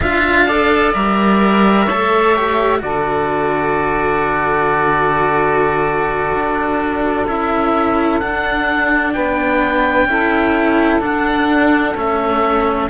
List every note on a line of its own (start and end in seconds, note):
0.00 0.94 D4
0.00 0.47 F4
0.00 0.46 E5
0.00 0.93 F5
0.46 0.93 A4
0.46 1.85 D5
0.93 1.88 G3
0.93 1.87 A#4
0.93 2.81 E5
1.85 2.81 A3
1.85 2.36 A4
1.85 2.78 C#5
2.36 2.79 G4
2.79 6.33 D3
2.79 7.24 F#4
2.79 9.14 A4
2.79 7.27 D5
6.34 7.28 D4
7.27 8.21 C#4
7.27 8.21 E4
7.27 8.19 E5
8.19 9.14 D4
8.19 10.08 D4
8.19 9.13 F#5
9.13 10.05 B3
9.13 10.08 B4
9.13 11.00 G5
10.05 10.99 C#4
10.05 10.99 E4
10.05 12.89 A4
10.99 11.93 D4
10.99 11.94 D4
10.99 11.96 F#5
11.94 12.88 A3
11.94 12.89 C#4
11.94 12.89 E5